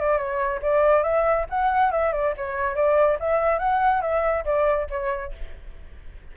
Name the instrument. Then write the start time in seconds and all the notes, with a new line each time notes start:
flute
0.00 D5
0.17 C#5
0.62 D5
1.03 E5
1.49 F#5
1.91 E5
2.12 D5
2.36 C#5
2.75 D5
3.19 E5
3.59 F#5
4.02 E5
4.45 D5
4.90 C#5